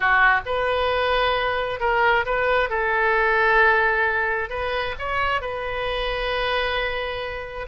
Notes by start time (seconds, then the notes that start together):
0.00 F#4
0.45 B4
1.80 A#4
2.25 B4
2.69 A4
4.49 B4
4.98 C#5
5.41 B4